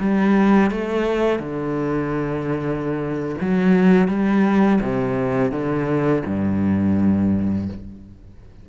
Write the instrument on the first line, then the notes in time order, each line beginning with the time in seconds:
cello
0.00 G3
0.71 A3
1.40 D3
3.41 F#3
4.08 G3
4.82 C3
5.52 D3
6.26 G2